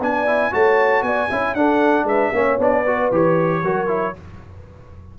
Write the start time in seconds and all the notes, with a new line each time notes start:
0.00 B3 D4 D5 G#5
0.27 E4
0.52 A3 F#4 C#5 A5
1.02 B3 D5 G#5
1.30 C#4 E4 E5
1.55 D4 A4 F#5
2.04 G#3 B4 E5
2.32 A#3 C#4 C#5
2.59 B3 D4 D5
2.83 F#4 B4
3.12 E3 G4 C#5
3.63 F#3 F#4 A#4
3.87 E4